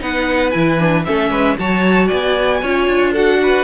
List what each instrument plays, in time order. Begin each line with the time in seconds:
0.00 cello B3, viola D#4, violin B4 F#5
0.51 cello E3, viola E4, violin G#5
0.80 viola D4
1.05 cello A3, viola C#4, violin A4 E5
1.31 cello G#3, violin B4
1.59 cello F#3, viola F#4, violin C#5 A5
2.08 cello B3, violin D5 G#5
2.63 cello C#4, viola F4, violin C#5
2.88 cello D4
3.12 viola F#4, violin A4 F#5
3.43 violin B4